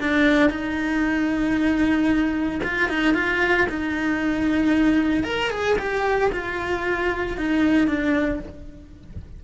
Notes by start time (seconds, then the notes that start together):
0.00 D4
0.50 D#4
2.63 F4
2.89 D#4
3.14 F4
3.69 D#4
5.24 A#4
5.50 G#4
5.78 G4
6.32 F4
7.38 D#4
7.87 D4